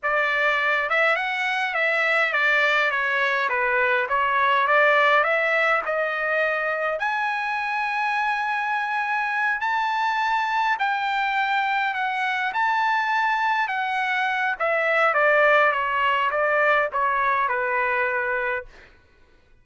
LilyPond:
\new Staff \with { instrumentName = "trumpet" } { \time 4/4 \tempo 4 = 103 d''4. e''8 fis''4 e''4 | d''4 cis''4 b'4 cis''4 | d''4 e''4 dis''2 | gis''1~ |
gis''8 a''2 g''4.~ | g''8 fis''4 a''2 fis''8~ | fis''4 e''4 d''4 cis''4 | d''4 cis''4 b'2 | }